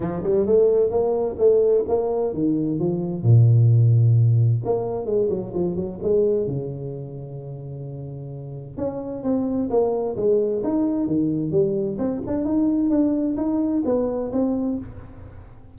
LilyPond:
\new Staff \with { instrumentName = "tuba" } { \time 4/4 \tempo 4 = 130 f8 g8 a4 ais4 a4 | ais4 dis4 f4 ais,4~ | ais,2 ais4 gis8 fis8 | f8 fis8 gis4 cis2~ |
cis2. cis'4 | c'4 ais4 gis4 dis'4 | dis4 g4 c'8 d'8 dis'4 | d'4 dis'4 b4 c'4 | }